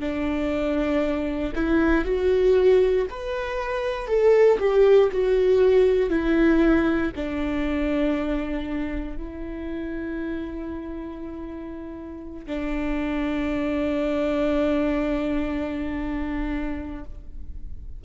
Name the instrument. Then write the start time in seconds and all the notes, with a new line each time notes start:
viola
0.00 D4
1.55 E4
2.04 F#4
3.10 B4
4.07 A4
4.59 G4
5.11 F#4
6.09 E4
7.15 D4
9.17 E4
12.46 D4